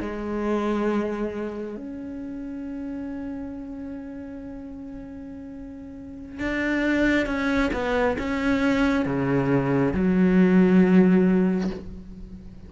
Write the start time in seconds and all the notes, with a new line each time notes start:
0.00 G#3
1.76 C#4
6.39 D4
7.26 C#4
7.73 B3
8.18 C#4
9.05 C#3
9.94 F#3